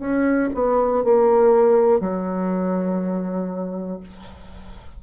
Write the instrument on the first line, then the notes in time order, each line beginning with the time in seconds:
bassoon
0.00 C#4
0.54 B3
1.04 A#3
2.00 F#3